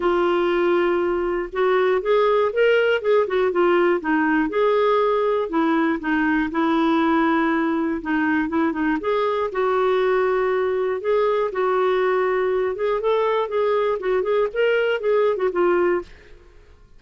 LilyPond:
\new Staff \with { instrumentName = "clarinet" } { \time 4/4 \tempo 4 = 120 f'2. fis'4 | gis'4 ais'4 gis'8 fis'8 f'4 | dis'4 gis'2 e'4 | dis'4 e'2. |
dis'4 e'8 dis'8 gis'4 fis'4~ | fis'2 gis'4 fis'4~ | fis'4. gis'8 a'4 gis'4 | fis'8 gis'8 ais'4 gis'8. fis'16 f'4 | }